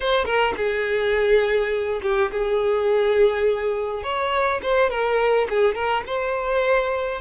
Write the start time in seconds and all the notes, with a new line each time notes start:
0.00 C5
0.25 A#4
0.56 G#4
2.02 G4
2.31 G#4
4.03 C#5
4.62 C5
4.90 A#4
5.49 G#4
5.74 A#4
6.06 C5